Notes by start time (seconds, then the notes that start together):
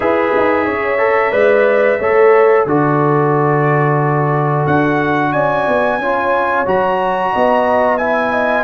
0.00 E4 G#4 B4 E5
0.36 D#4
0.65 C#4 C#5
0.98 A4
1.31 G#3 B4 D5
1.98 A3 A4 C#5
2.65 D3 F#4 A4 D5
4.66 D4 F#5
5.32 C#4 D5 G#5
5.67 B3
5.98 C#4 F4 C#5
6.65 F#3 F#4 A#5
7.32 B3 D#5
7.97 E4 E5 G#5
8.32 D#5